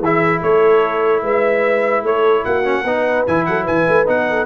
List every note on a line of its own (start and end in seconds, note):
0.00 0.41 E3
0.00 2.64 E4
0.00 0.43 G#4
0.00 0.43 E5
0.42 1.23 A3
0.42 1.23 A4
0.42 1.24 C#5
1.23 2.03 G#3
1.23 2.04 B4
1.23 2.05 E5
2.03 2.44 A3
2.03 2.45 A4
2.03 2.45 C#5
2.45 2.84 A#3
2.45 2.84 F#4
2.45 3.26 F#5
2.64 2.84 C#4
2.84 3.25 B3
2.84 3.27 D#4
2.84 3.45 B4
3.27 3.47 E3
3.27 4.06 E4
3.27 3.46 G#5
3.46 3.68 F#3
3.46 3.64 A4
3.46 3.66 F#5
3.64 3.88 E3
3.64 4.25 B4
3.64 4.07 G#5
3.88 4.08 A3
4.06 4.46 B3
4.06 4.46 D#4
4.06 4.46 F#5
4.29 4.46 A4